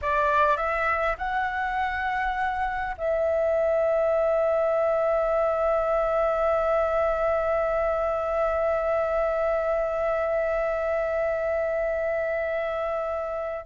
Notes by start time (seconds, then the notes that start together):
0.01 D5
0.56 E5
1.17 F#5
2.97 E5